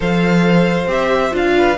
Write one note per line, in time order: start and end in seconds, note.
0.00 0.86 F3
0.00 0.87 A4
0.00 1.53 C5
0.00 0.90 F5
0.86 1.31 C4
0.86 1.31 G4
0.86 1.35 E5
1.31 1.77 D4
1.31 1.75 F4
1.31 1.77 F5
1.57 1.77 B4